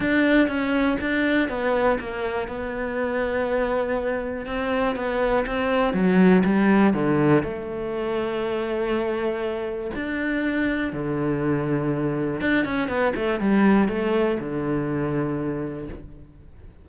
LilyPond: \new Staff \with { instrumentName = "cello" } { \time 4/4 \tempo 4 = 121 d'4 cis'4 d'4 b4 | ais4 b2.~ | b4 c'4 b4 c'4 | fis4 g4 d4 a4~ |
a1 | d'2 d2~ | d4 d'8 cis'8 b8 a8 g4 | a4 d2. | }